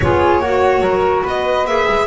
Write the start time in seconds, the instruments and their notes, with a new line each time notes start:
0.00 double bass B3, clarinet F4, flute G#4, violin C#5
0.39 double bass A#3, flute F#4, clarinet F#4
0.80 double bass F#3, flute A#4
1.22 double bass B3, flute B4, violin D#5
1.65 double bass A#3, clarinet G#4, violin E5
1.88 double bass G#3